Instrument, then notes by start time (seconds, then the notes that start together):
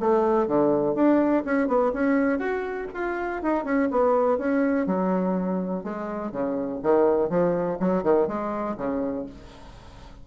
bassoon
0.00 A3
0.47 D3
0.95 D4
1.45 C#4
1.68 B3
1.93 C#4
2.39 F#4
2.94 F4
3.43 D#4
3.65 C#4
3.91 B3
4.38 C#4
4.86 F#3
5.84 G#3
6.32 C#3
6.83 D#3
7.30 F3
7.80 F#3
8.03 D#3
8.28 G#3
8.77 C#3